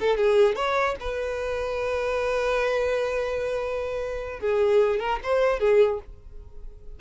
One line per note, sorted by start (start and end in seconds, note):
0.00 0.17 A4
0.17 0.56 G#4
0.56 0.96 C#5
1.00 4.40 B4
4.40 5.00 G#4
5.00 5.20 A#4
5.23 5.60 C5
5.60 6.00 G#4